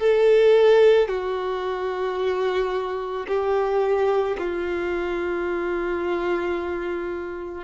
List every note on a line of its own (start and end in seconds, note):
0.00 1.09 A4
1.09 3.27 F#4
3.28 4.37 G4
4.38 7.65 F4